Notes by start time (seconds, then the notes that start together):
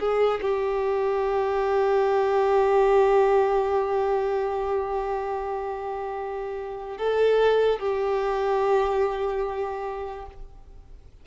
0.00 G#4
0.42 G4
6.98 A4
7.80 G4